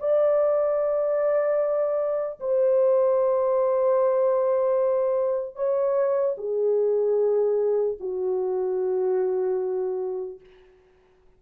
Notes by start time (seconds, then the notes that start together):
0.00 D5
2.40 C5
5.56 C#5
6.38 G#4
8.00 F#4